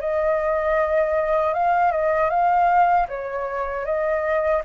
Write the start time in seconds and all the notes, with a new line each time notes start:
0.00 D#5
1.53 F5
1.91 D#5
2.30 F5
3.08 C#5
3.85 D#5